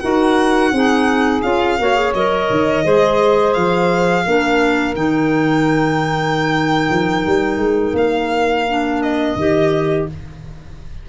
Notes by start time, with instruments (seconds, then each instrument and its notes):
0.00 tuba D#4, clarinet F#4, saxophone A#4, violin F#5
0.72 tuba C4, clarinet D#4, saxophone G#4
1.42 tuba C#4, clarinet F4, violin F5
1.79 tuba A#3, clarinet F#4, saxophone C#5
1.96 clarinet G#4
2.14 tuba F#3, clarinet A#4, violin D#5
2.50 tuba D#3
2.84 tuba G#3, clarinet G#4, saxophone C5
3.54 tuba F3, violin F5
4.25 tuba A#3, clarinet D4, saxophone A#4
4.95 tuba D#3, clarinet D#4, violin G5
6.90 tuba F3
7.27 tuba G3
7.58 tuba G#3
7.94 tuba A#3, violin F5
8.69 clarinet D4
9.03 violin D#5
9.36 tuba D#3, clarinet G4